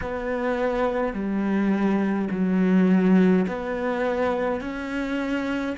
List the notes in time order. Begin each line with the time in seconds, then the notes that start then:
0.01 B3
1.13 G3
2.31 F#3
3.47 B3
4.60 C#4